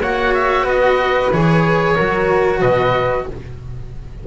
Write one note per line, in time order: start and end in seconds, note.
0.00 0.64 A#3
0.00 1.32 F#4
0.00 0.64 C#5
0.00 0.34 F#5
0.35 0.67 E5
0.64 1.28 B3
0.64 1.93 B4
0.64 1.32 D#5
1.32 1.97 E3
1.32 1.98 G#4
1.32 2.61 C#5
1.95 2.62 F#3
1.95 3.27 F#4
1.95 2.59 A#4
2.61 3.26 B2
2.61 3.25 B4
2.61 3.25 D#5